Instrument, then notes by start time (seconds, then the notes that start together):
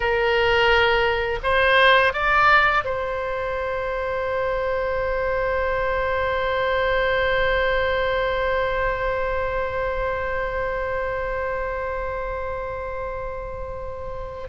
oboe
0.00 A#4
1.43 C5
2.13 D5
2.84 C5